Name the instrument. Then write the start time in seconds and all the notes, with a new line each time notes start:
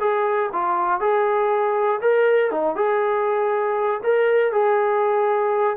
trombone
0.00 G#4
0.53 F4
1.00 G#4
2.01 A#4
2.51 D#4
2.75 G#4
4.03 A#4
4.52 G#4